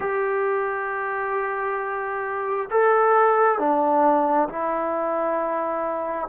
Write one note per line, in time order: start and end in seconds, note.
0.00 2.69 G4
2.70 3.58 A4
3.58 4.48 D4
4.49 6.28 E4